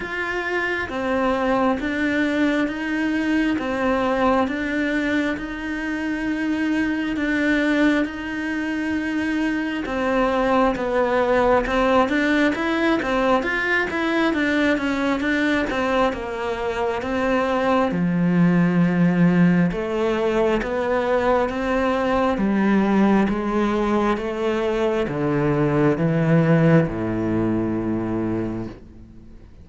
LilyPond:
\new Staff \with { instrumentName = "cello" } { \time 4/4 \tempo 4 = 67 f'4 c'4 d'4 dis'4 | c'4 d'4 dis'2 | d'4 dis'2 c'4 | b4 c'8 d'8 e'8 c'8 f'8 e'8 |
d'8 cis'8 d'8 c'8 ais4 c'4 | f2 a4 b4 | c'4 g4 gis4 a4 | d4 e4 a,2 | }